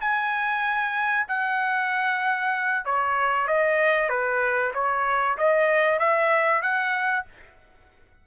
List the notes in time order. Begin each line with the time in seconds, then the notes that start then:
0.00 G#5
1.27 F#5
2.85 C#5
3.47 D#5
4.09 B4
4.74 C#5
5.37 D#5
5.99 E5
6.62 F#5